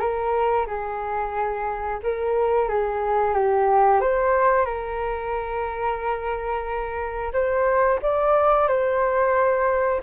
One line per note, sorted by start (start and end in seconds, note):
0.00 0.67 A#4
0.67 2.00 G#4
2.03 2.69 A#4
2.69 3.35 G#4
3.35 4.01 G4
4.01 4.66 C5
4.66 7.33 A#4
7.33 8.00 C5
8.03 8.68 D5
8.68 10.02 C5